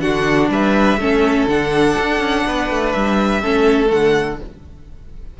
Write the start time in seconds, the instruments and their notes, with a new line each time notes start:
0.00 cello D3, viola D4, violin F#4 F#5
0.49 cello G3, violin B4 E5
0.97 cello A3, viola C#4, violin A4
1.47 cello D3, viola D4, violin F#5
1.98 cello D4
2.19 cello C#4
2.45 cello B3, violin B4
2.70 cello A3
2.92 cello G3, violin E5
3.41 cello A3, viola C#4, violin A4
3.86 cello D3, viola A3, violin F#5